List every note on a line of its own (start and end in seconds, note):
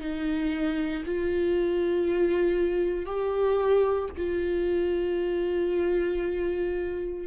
0.00 1.03 D#4
1.05 3.06 F4
3.06 4.09 G4
4.17 7.27 F4